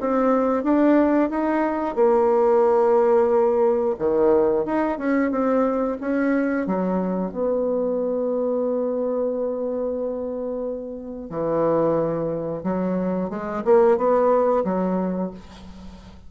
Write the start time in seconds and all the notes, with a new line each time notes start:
0.00 C4
0.63 D4
1.29 D#4
1.95 A#3
3.99 D#3
4.65 D#4
4.98 C#4
5.31 C4
6.00 C#4
6.66 F#3
7.32 B3
11.30 E3
12.63 F#3
13.29 G#3
13.65 A#3
13.97 B3
14.64 F#3